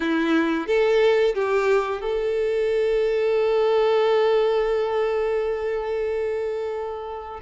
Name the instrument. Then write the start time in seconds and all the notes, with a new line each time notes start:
violin
0.00 E4
0.67 A4
1.34 G4
2.01 A4